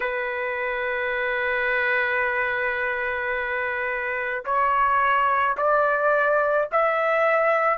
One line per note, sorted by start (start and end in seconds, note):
0.00 4.44 B4
4.45 5.56 C#5
5.57 6.68 D5
6.72 7.78 E5